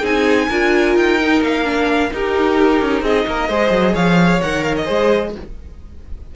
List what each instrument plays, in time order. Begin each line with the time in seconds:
0.00 cello C4, viola D#4, violin G#4 G#5
0.48 cello D4, viola F4, violin A#4
0.95 cello D#4, violin G5
1.19 viola D#4
1.41 cello A#3, violin F5
1.63 viola D4
2.11 viola D#4, cello D#4, violin G4 A#4
2.81 cello C#4
3.01 cello C4, violin G#4 D#5
3.26 cello A#3, violin A#4
3.48 cello G#3, viola G#4, violin C5
3.70 cello F#3
3.93 cello F3, violin C#5 F5
4.41 cello D#3, viola A#4, violin F#5
4.63 violin F5
4.76 violin D#5
4.84 cello G#3, viola G#4, violin C5